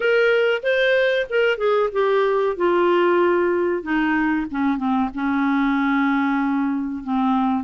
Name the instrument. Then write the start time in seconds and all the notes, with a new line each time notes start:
clarinet
0.00 A#4
0.62 C5
1.29 A#4
1.57 G#4
1.92 G4
2.56 F4
3.82 D#4
4.51 C#4
4.77 C4
5.14 C#4
7.03 C4